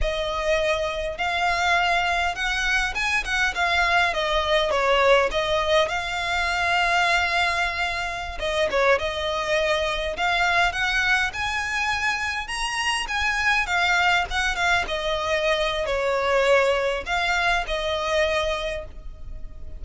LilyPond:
\new Staff \with { instrumentName = "violin" } { \time 4/4 \tempo 4 = 102 dis''2 f''2 | fis''4 gis''8 fis''8 f''4 dis''4 | cis''4 dis''4 f''2~ | f''2~ f''16 dis''8 cis''8 dis''8.~ |
dis''4~ dis''16 f''4 fis''4 gis''8.~ | gis''4~ gis''16 ais''4 gis''4 f''8.~ | f''16 fis''8 f''8 dis''4.~ dis''16 cis''4~ | cis''4 f''4 dis''2 | }